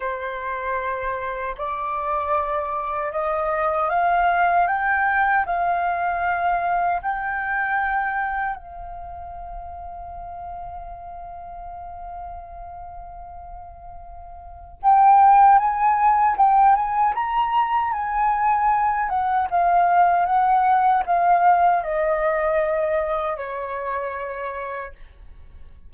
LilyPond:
\new Staff \with { instrumentName = "flute" } { \time 4/4 \tempo 4 = 77 c''2 d''2 | dis''4 f''4 g''4 f''4~ | f''4 g''2 f''4~ | f''1~ |
f''2. g''4 | gis''4 g''8 gis''8 ais''4 gis''4~ | gis''8 fis''8 f''4 fis''4 f''4 | dis''2 cis''2 | }